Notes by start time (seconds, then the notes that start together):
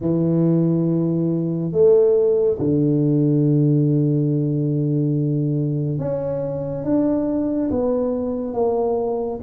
0.00 E3
1.72 A3
2.58 D3
5.98 C#4
6.84 D4
7.70 B3
8.53 A#3